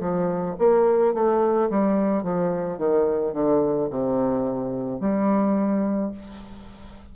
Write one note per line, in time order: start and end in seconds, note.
0.00 0.56 F3
0.59 1.14 A#3
1.14 1.70 A3
1.70 2.23 G3
2.23 2.78 F3
2.78 3.33 D#3
3.33 3.89 D3
3.90 5.01 C3
5.01 6.12 G3